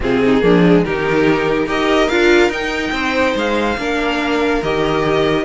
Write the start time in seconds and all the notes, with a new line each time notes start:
0.00 C3 C4 F4 G#4
0.24 D#4
0.41 F3 A#3 D4
0.66 G#3
0.84 D#3 D#4 G4 A#4
1.66 D#4 G4 A#4 D#5
2.08 D4 F4 F5
2.48 D#4 G5
2.92 C4 C5
3.35 G#3 F5
3.77 A#3 D4 A#4
4.62 D#3 G4 D#5